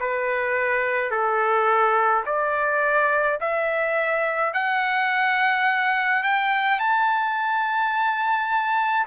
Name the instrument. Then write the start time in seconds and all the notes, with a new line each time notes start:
trumpet
0.00 B4
1.11 A4
2.26 D5
3.40 E5
4.53 F#5
6.23 G5
6.79 A5